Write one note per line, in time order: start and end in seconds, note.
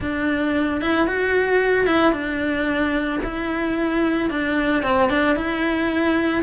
0.00 0.81 D4
0.81 1.07 E4
1.07 1.86 F#4
1.86 2.12 E4
2.12 3.19 D4
3.23 4.30 E4
4.30 4.83 D4
4.83 5.09 C4
5.09 5.35 D4
5.35 6.42 E4